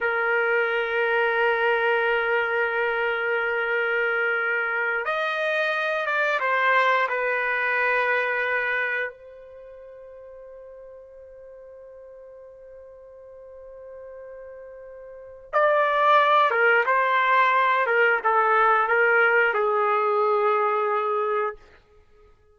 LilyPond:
\new Staff \with { instrumentName = "trumpet" } { \time 4/4 \tempo 4 = 89 ais'1~ | ais'2.~ ais'8 dis''8~ | dis''4 d''8 c''4 b'4.~ | b'4. c''2~ c''8~ |
c''1~ | c''2. d''4~ | d''8 ais'8 c''4. ais'8 a'4 | ais'4 gis'2. | }